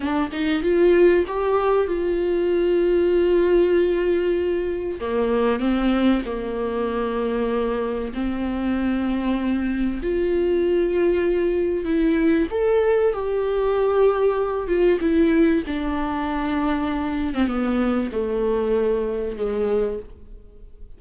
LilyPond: \new Staff \with { instrumentName = "viola" } { \time 4/4 \tempo 4 = 96 d'8 dis'8 f'4 g'4 f'4~ | f'1 | ais4 c'4 ais2~ | ais4 c'2. |
f'2. e'4 | a'4 g'2~ g'8 f'8 | e'4 d'2~ d'8. c'16 | b4 a2 gis4 | }